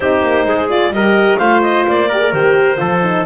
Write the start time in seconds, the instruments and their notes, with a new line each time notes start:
0.00 double bass C4, horn D#4, trumpet G4, clarinet C5
0.21 double bass A#3
0.45 double bass G#3, trumpet G#4
0.69 horn F4, clarinet D5
0.89 double bass G3, horn G4, trumpet A#4, clarinet D#5
1.38 double bass A3, horn F4, trumpet C5, clarinet F5
1.62 clarinet D#5
1.87 double bass A#3, clarinet D5
2.09 horn G4, trumpet A#4
2.19 horn G#4
2.32 double bass D#3, horn G4, clarinet C5
2.77 double bass F3, horn F4, trumpet A4
3.02 horn D#4